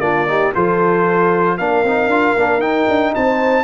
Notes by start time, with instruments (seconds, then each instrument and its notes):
0.00 tuba A#3, trombone D4, horn F4, trumpet D5
0.27 trombone D#4, horn G4
0.54 tuba F3, trombone F4, horn A4, trumpet C5
1.57 tuba A#3, trombone D4, horn A#4, trumpet F5
1.84 tuba C4, trombone D#4
2.06 tuba D4, trombone F4
2.36 tuba A#3, trombone D4
2.58 tuba D#4, trombone D#4, trumpet G5
2.88 tuba D4
3.15 tuba C4, horn C5, trumpet A5